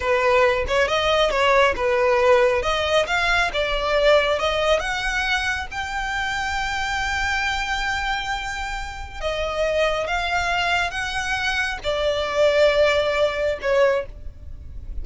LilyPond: \new Staff \with { instrumentName = "violin" } { \time 4/4 \tempo 4 = 137 b'4. cis''8 dis''4 cis''4 | b'2 dis''4 f''4 | d''2 dis''4 fis''4~ | fis''4 g''2.~ |
g''1~ | g''4 dis''2 f''4~ | f''4 fis''2 d''4~ | d''2. cis''4 | }